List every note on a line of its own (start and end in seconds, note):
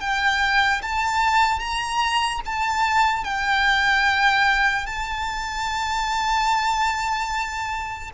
0.00 0.81 G5
0.82 1.59 A5
1.59 2.40 A#5
2.45 3.24 A5
3.24 4.86 G5
4.86 8.10 A5